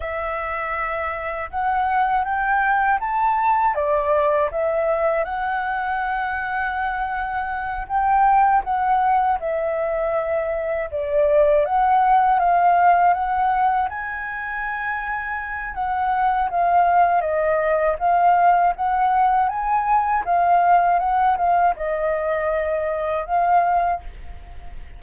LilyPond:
\new Staff \with { instrumentName = "flute" } { \time 4/4 \tempo 4 = 80 e''2 fis''4 g''4 | a''4 d''4 e''4 fis''4~ | fis''2~ fis''8 g''4 fis''8~ | fis''8 e''2 d''4 fis''8~ |
fis''8 f''4 fis''4 gis''4.~ | gis''4 fis''4 f''4 dis''4 | f''4 fis''4 gis''4 f''4 | fis''8 f''8 dis''2 f''4 | }